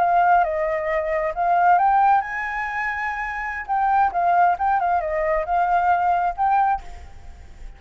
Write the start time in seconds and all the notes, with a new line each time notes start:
0.00 F5
0.44 D#5
1.35 F5
1.79 G5
2.22 G#5
3.67 G5
4.12 F5
4.59 G5
4.80 F5
5.01 D#5
5.46 F5
6.37 G5